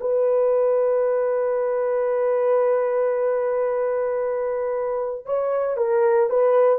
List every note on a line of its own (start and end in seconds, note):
0.00 5.25 B4
5.25 5.77 C#5
5.77 6.29 A#4
6.29 6.79 B4